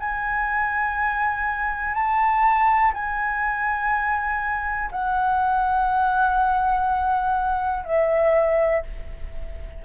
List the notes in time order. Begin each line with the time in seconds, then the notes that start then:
0.00 G#5
1.94 A5
2.93 G#5
4.92 F#5
7.85 E5